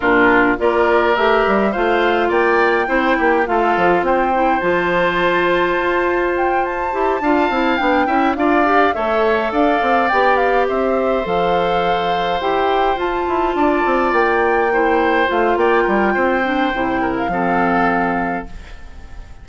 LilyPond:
<<
  \new Staff \with { instrumentName = "flute" } { \time 4/4 \tempo 4 = 104 ais'4 d''4 e''4 f''4 | g''2 f''4 g''4 | a''2. g''8 a''8~ | a''4. g''4 f''4 e''8~ |
e''8 f''4 g''8 f''8 e''4 f''8~ | f''4. g''4 a''4.~ | a''8 g''2 f''8 g''4~ | g''4.~ g''16 f''2~ f''16 | }
  \new Staff \with { instrumentName = "oboe" } { \time 4/4 f'4 ais'2 c''4 | d''4 c''8 g'8 a'4 c''4~ | c''1~ | c''8 f''4. e''8 d''4 cis''8~ |
cis''8 d''2 c''4.~ | c''2.~ c''8 d''8~ | d''4. c''4. d''8 ais'8 | c''4. ais'8 a'2 | }
  \new Staff \with { instrumentName = "clarinet" } { \time 4/4 d'4 f'4 g'4 f'4~ | f'4 e'4 f'4. e'8 | f'1 | g'8 f'8 e'8 d'8 e'8 f'8 g'8 a'8~ |
a'4. g'2 a'8~ | a'4. g'4 f'4.~ | f'4. e'4 f'4.~ | f'8 d'8 e'4 c'2 | }
  \new Staff \with { instrumentName = "bassoon" } { \time 4/4 ais,4 ais4 a8 g8 a4 | ais4 c'8 ais8 a8 f8 c'4 | f2 f'2 | e'8 d'8 c'8 b8 cis'8 d'4 a8~ |
a8 d'8 c'8 b4 c'4 f8~ | f4. e'4 f'8 e'8 d'8 | c'8 ais2 a8 ais8 g8 | c'4 c4 f2 | }
>>